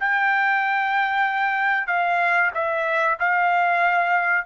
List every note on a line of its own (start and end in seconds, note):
0.00 1.87 G5
1.87 2.51 F5
2.54 3.18 E5
3.19 4.46 F5